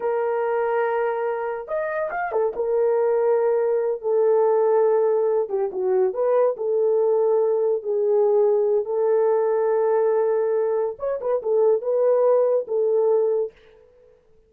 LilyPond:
\new Staff \with { instrumentName = "horn" } { \time 4/4 \tempo 4 = 142 ais'1 | dis''4 f''8 a'8 ais'2~ | ais'4. a'2~ a'8~ | a'4 g'8 fis'4 b'4 a'8~ |
a'2~ a'8 gis'4.~ | gis'4 a'2.~ | a'2 cis''8 b'8 a'4 | b'2 a'2 | }